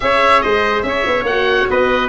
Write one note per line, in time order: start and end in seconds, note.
0.00 0.43 C#4
0.00 1.25 G#4
0.00 0.43 C#5
0.00 0.41 E5
0.41 0.83 G#3
0.41 0.85 C5
0.41 0.82 D#5
0.82 1.04 C#4
0.82 1.70 C#5
0.82 1.24 E5
1.06 1.23 B3
1.23 1.65 A#3
1.23 2.08 F#4
1.23 1.67 F#5
1.70 2.08 B3
1.70 2.08 B4
1.70 2.08 D#5